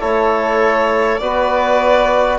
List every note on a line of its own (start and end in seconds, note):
0.00 1.21 A3
0.00 1.20 E4
0.00 1.20 A4
0.00 1.19 C#5
1.19 2.39 B3
1.19 2.39 F#4
1.19 2.39 B4
1.19 2.39 D5